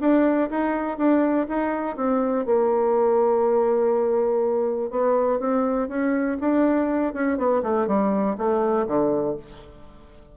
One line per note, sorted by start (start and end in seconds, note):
0.00 0.49 D4
0.50 0.97 D#4
0.97 1.47 D4
1.48 1.96 D#4
1.96 2.45 C4
2.45 4.90 A#3
4.90 5.39 B3
5.39 5.88 C4
5.88 6.37 C#4
6.40 7.13 D4
7.13 7.37 C#4
7.37 7.62 B3
7.63 7.87 A3
7.87 8.36 G3
8.37 8.86 A3
8.87 9.36 D3